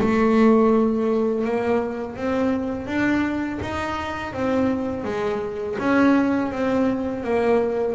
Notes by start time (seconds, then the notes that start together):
0.00 A3
1.45 A#3
2.17 C4
2.87 D4
3.62 D#4
4.33 C4
5.05 G#3
5.79 C#4
6.52 C4
7.24 A#3